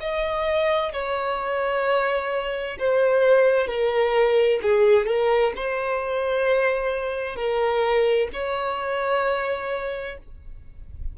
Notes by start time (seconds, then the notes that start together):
0.00 D#5
0.93 C#5
2.79 C5
3.68 A#4
4.62 G#4
5.07 A#4
5.56 C5
7.36 A#4
8.33 C#5